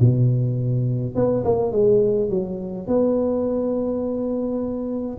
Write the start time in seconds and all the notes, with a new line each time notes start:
0.00 B2
1.15 B3
1.45 A#3
1.72 G#3
2.30 F#3
2.88 B3